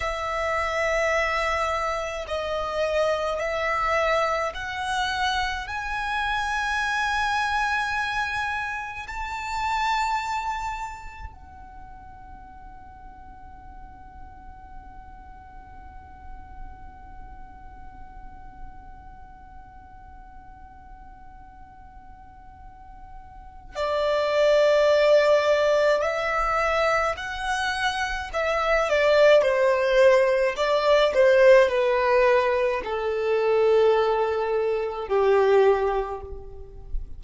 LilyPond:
\new Staff \with { instrumentName = "violin" } { \time 4/4 \tempo 4 = 53 e''2 dis''4 e''4 | fis''4 gis''2. | a''2 fis''2~ | fis''1~ |
fis''1~ | fis''4 d''2 e''4 | fis''4 e''8 d''8 c''4 d''8 c''8 | b'4 a'2 g'4 | }